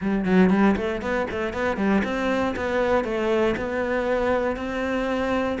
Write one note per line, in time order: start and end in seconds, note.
0.01 0.24 G3
0.24 0.50 F#3
0.50 0.75 G3
0.76 1.01 A3
1.01 1.26 B3
1.30 1.53 A3
1.53 1.77 B3
1.77 2.02 G3
2.03 2.54 C4
2.55 3.04 B3
3.04 3.55 A3
3.56 4.56 B3
4.56 5.58 C4